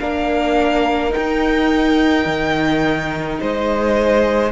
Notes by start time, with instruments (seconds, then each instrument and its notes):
0.00 cello A#3, viola D4, violin A#4 F5
1.10 viola D#4, violin G5
1.17 cello D#4
2.25 cello D#3
3.40 cello G#3, violin C5 D#5